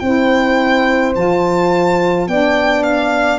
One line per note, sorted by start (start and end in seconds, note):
0.00 1.15 C4
0.00 1.15 E4
0.00 2.30 C5
0.00 1.13 G5
1.15 2.28 F3
1.15 2.28 F4
1.15 2.28 A5
2.28 3.39 B3
2.28 3.39 D4
2.28 3.39 D5
2.28 2.83 G5
2.83 3.39 F5